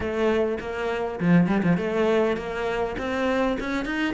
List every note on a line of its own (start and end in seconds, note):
0.00 0.58 A3
0.60 1.19 A#3
1.20 1.47 F3
1.47 1.62 G3
1.63 1.77 F3
1.77 2.36 A3
2.36 2.96 A#3
2.98 3.57 C4
3.59 3.85 C#4
3.85 4.14 D#4